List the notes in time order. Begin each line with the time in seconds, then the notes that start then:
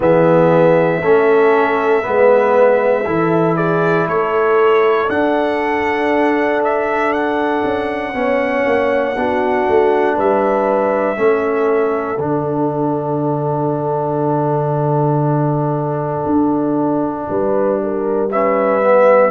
0.00 E3 B3 G#4 E5
1.01 A3 C#4 A4
2.02 G#3 B3 B4
3.05 E3 E4 A4
3.56 G#4 D5
4.06 A3 A4 C#5
5.08 D4 F#5
6.64 E5
7.12 F#5
7.64 C#4
8.13 B3 C#4 C#5
8.66 A#3
9.17 B3 D4 F#4
9.68 A3
10.15 G3 B4 E5
11.16 A3 C#4 A4
12.17 D3 D4 F#5
16.25 D4
17.29 G3 B4
17.83 A#4
18.31 C#4 B4 E5
18.81 B3